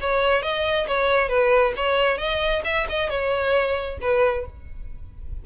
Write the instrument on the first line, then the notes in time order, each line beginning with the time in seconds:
violin
0.00 C#5
0.42 D#5
0.87 C#5
1.28 B4
1.76 C#5
2.18 D#5
2.64 E5
2.89 D#5
3.09 C#5
4.01 B4